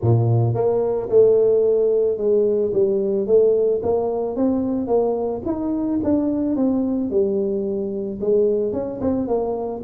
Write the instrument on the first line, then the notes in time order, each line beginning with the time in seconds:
tuba
0.01 A#2
0.54 A#3
1.09 A3
2.17 G#3
2.73 G3
3.26 A3
3.83 A#3
4.35 C4
4.87 A#3
5.45 D#4
6.03 D4
6.56 C4
7.10 G3
8.20 G#3
8.72 C#4
9.00 C4
9.27 A#3